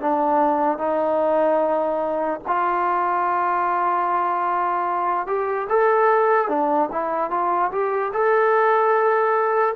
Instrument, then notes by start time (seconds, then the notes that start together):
trombone
0.00 D4
0.78 D#4
2.47 F4
5.27 G4
5.69 A4
6.48 D4
6.91 E4
7.30 F4
7.71 G4
8.13 A4